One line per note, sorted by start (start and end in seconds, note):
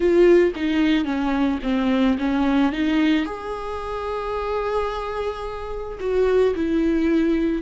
0.00 0.53 F4
0.55 1.04 D#4
1.04 1.59 C#4
1.62 2.17 C4
2.18 2.72 C#4
2.72 3.25 D#4
3.25 5.98 G#4
6.00 6.54 F#4
6.55 7.62 E4